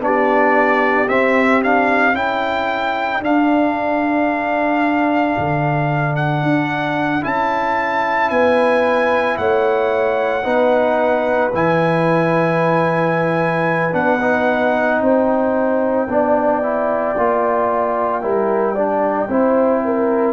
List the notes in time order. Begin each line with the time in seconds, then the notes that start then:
0.00 B3 D4 G4 D5
1.08 C4 E5
1.63 D4 F5
2.14 C#4 E4 A4 G5
3.22 D4 F5
5.38 D3
6.16 F#5
6.43 D4
7.22 C#4 E4 A5
8.30 B3 B4 G#5
9.38 A3 C#5 F#5
10.44 B3 D#4 B4
11.54 E3 E4 G#5
13.92 B3 D4 F#5
14.21 D#4
15.00 C4 C5 G5
16.08 B3 D4 D5
16.63 E4
17.17 A#3 F4
18.22 G3 E4 A#4
18.75 D4 D5
19.29 C4 E4 C5
19.85 A#4